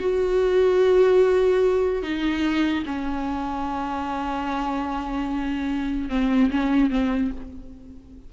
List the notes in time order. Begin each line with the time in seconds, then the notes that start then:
0.00 F#4
2.03 D#4
2.86 C#4
6.10 C4
6.51 C#4
6.91 C4